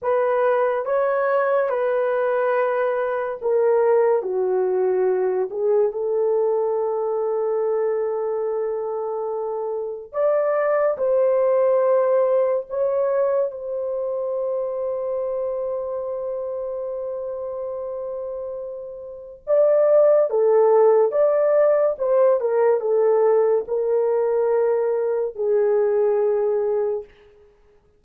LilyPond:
\new Staff \with { instrumentName = "horn" } { \time 4/4 \tempo 4 = 71 b'4 cis''4 b'2 | ais'4 fis'4. gis'8 a'4~ | a'1 | d''4 c''2 cis''4 |
c''1~ | c''2. d''4 | a'4 d''4 c''8 ais'8 a'4 | ais'2 gis'2 | }